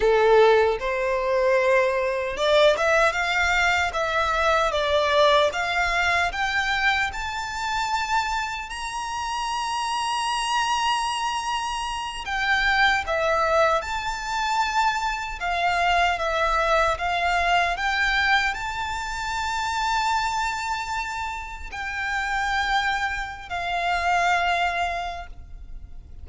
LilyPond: \new Staff \with { instrumentName = "violin" } { \time 4/4 \tempo 4 = 76 a'4 c''2 d''8 e''8 | f''4 e''4 d''4 f''4 | g''4 a''2 ais''4~ | ais''2.~ ais''8 g''8~ |
g''8 e''4 a''2 f''8~ | f''8 e''4 f''4 g''4 a''8~ | a''2.~ a''8 g''8~ | g''4.~ g''16 f''2~ f''16 | }